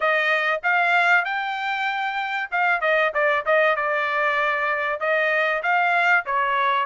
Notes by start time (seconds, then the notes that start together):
0.00 D#5
0.63 F5
1.24 G5
2.51 F5
2.80 D#5
3.13 D5
3.45 D#5
3.76 D5
4.99 D#5
5.62 F5
6.25 C#5